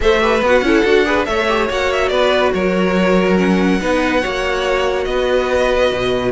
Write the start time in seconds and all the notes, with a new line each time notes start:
0.00 A3 A4 C5 E5
0.20 G4 B4
0.42 B3 F#4 F#5
0.61 C#4 E4 A4
0.85 D4 F#4
1.05 G#4 B4
1.25 A3 A4 C#5 E5
1.49 G4
1.68 A#3 F#4 F#5
1.92 E5
2.08 B3 B4 D5
2.53 F#3 A#4 C#5
3.36 C#4 F#5
3.79 B3 D#4 B4
4.21 A#3 F#4 C#5
5.04 B3 B4 D#5
5.91 B2